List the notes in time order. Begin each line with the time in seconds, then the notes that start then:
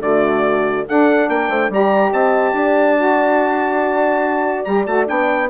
0.00 D3 A3 F#4 D5
0.87 D4 A4 F#5
1.29 A#3 A#4 G5
1.49 A3 C5
1.69 G3 G4 D5 A#5
2.12 C4 D#5 A5
2.52 D4 D5
2.97 F#4
4.65 G3 G4 A#5
4.86 A3 F#4 A5
5.06 B3 D4 G5